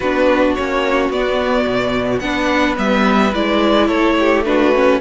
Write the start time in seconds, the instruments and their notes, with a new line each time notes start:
0.00 cello B3, viola D4, violin F#4 B4
0.55 cello A#3, viola C#4, violin C#5
1.09 cello B3, viola B3, violin D5
1.66 cello B2
2.19 cello B3, viola D4, violin B4 F#5
2.76 cello G3, viola B3, violin E5
3.33 cello G#3, viola E4, violin D5
3.86 cello A3, violin A4 C#5
4.19 violin G4
4.45 viola D4, violin F#4 B4
4.74 viola C#4